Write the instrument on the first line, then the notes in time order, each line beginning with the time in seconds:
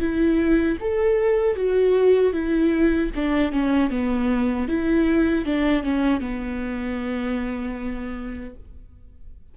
viola
0.00 E4
0.80 A4
1.56 F#4
2.33 E4
3.15 D4
3.52 C#4
3.90 B3
4.68 E4
5.45 D4
5.83 C#4
6.21 B3